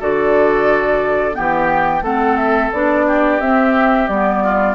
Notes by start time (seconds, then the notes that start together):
0.00 D3 F#4 A4 D5
1.33 E3 B3 G4 G5
2.02 A3 C4 A4 F#5
2.37 E5
2.73 B3 D4 D5
3.08 G4
3.41 C4 E5
4.08 G3 B3 D5
4.44 F4